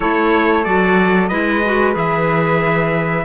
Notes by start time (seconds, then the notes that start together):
0.00 A3 E4 A4 C#5
0.64 F#3 F#4 D5
1.28 G#3 E4 B4 D#5
1.64 F#4
1.93 E3 G#4 E5